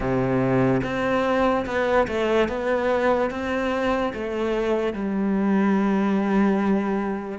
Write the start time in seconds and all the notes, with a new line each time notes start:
0.00 C3
0.83 C4
1.66 B3
2.07 A3
2.48 B3
3.30 C4
4.13 A3
4.93 G3